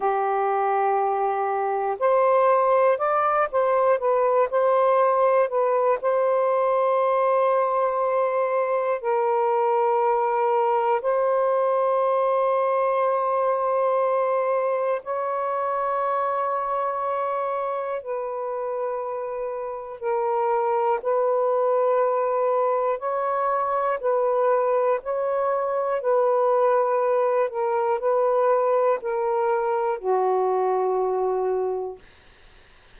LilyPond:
\new Staff \with { instrumentName = "saxophone" } { \time 4/4 \tempo 4 = 60 g'2 c''4 d''8 c''8 | b'8 c''4 b'8 c''2~ | c''4 ais'2 c''4~ | c''2. cis''4~ |
cis''2 b'2 | ais'4 b'2 cis''4 | b'4 cis''4 b'4. ais'8 | b'4 ais'4 fis'2 | }